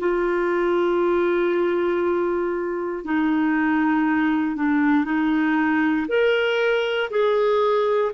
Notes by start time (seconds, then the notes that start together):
0.00 F4
3.05 D#4
4.56 D4
5.05 D#4
6.09 A#4
7.11 G#4